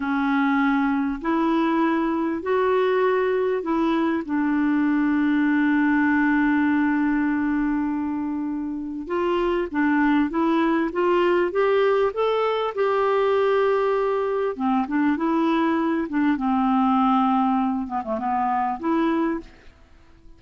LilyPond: \new Staff \with { instrumentName = "clarinet" } { \time 4/4 \tempo 4 = 99 cis'2 e'2 | fis'2 e'4 d'4~ | d'1~ | d'2. f'4 |
d'4 e'4 f'4 g'4 | a'4 g'2. | c'8 d'8 e'4. d'8 c'4~ | c'4. b16 a16 b4 e'4 | }